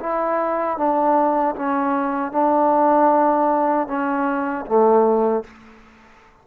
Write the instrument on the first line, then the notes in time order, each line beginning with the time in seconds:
trombone
0.00 E4
0.78 D4
1.56 C#4
2.32 D4
3.88 C#4
4.66 A3